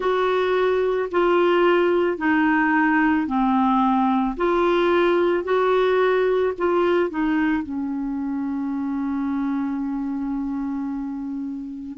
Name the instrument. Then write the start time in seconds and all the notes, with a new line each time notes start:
clarinet
0.00 F#4
1.11 F4
2.17 D#4
3.26 C4
4.36 F4
5.43 F#4
6.58 F4
7.10 D#4
7.63 C#4